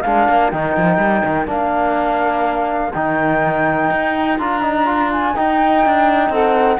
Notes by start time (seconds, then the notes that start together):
0.00 G#3 D4 A#4 F5
0.28 A#3
0.50 D#3 D#4 G5
0.77 F3
0.97 G3
1.25 D#3
1.46 A#3 D4 F5
2.93 D#3 D#4 G5
3.90 D#4
4.38 D4 F4 A#5
4.62 D#4
4.85 F4
5.12 G#5
5.35 D#4 G5
5.85 D4
6.29 C4 A4 F#5